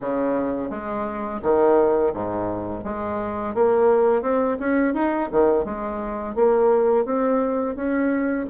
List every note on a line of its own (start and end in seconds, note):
0.00 0.70 C#3
0.70 1.40 G#3
1.42 2.13 D#3
2.13 2.84 G#2
2.84 3.54 G#3
3.54 4.22 A#3
4.22 4.57 C4
4.59 4.94 C#4
4.94 5.29 D#4
5.31 5.64 D#3
5.64 6.35 G#3
6.35 7.05 A#3
7.05 7.75 C4
7.75 8.46 C#4